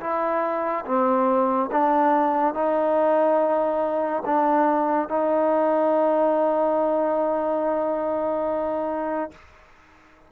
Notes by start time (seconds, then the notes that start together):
0.00 E4
0.85 C4
1.71 D4
2.54 D#4
4.25 D4
5.09 D#4